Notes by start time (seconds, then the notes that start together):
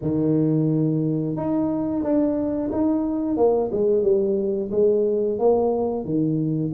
0.01 D#3
1.36 D#4
2.03 D4
2.72 D#4
3.36 A#3
3.72 G#3
4.02 G3
4.71 G#3
5.38 A#3
6.04 D#3